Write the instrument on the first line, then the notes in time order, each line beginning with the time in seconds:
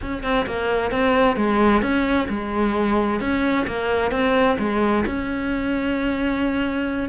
cello
0.01 C#4
0.23 C4
0.46 A#3
0.91 C4
1.36 G#3
1.82 C#4
2.29 G#3
3.20 C#4
3.66 A#3
4.11 C4
4.59 G#3
5.05 C#4